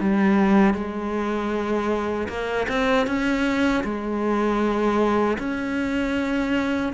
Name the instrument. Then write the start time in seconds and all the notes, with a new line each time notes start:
cello
0.00 G3
0.74 G#3
2.28 A#3
2.69 C4
3.07 C#4
3.84 G#3
5.38 C#4